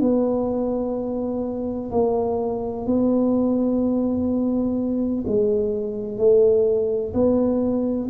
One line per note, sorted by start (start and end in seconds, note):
0.00 1.90 B3
1.91 2.86 A#3
2.87 5.25 B3
5.27 6.18 G#3
6.18 7.13 A3
7.14 8.09 B3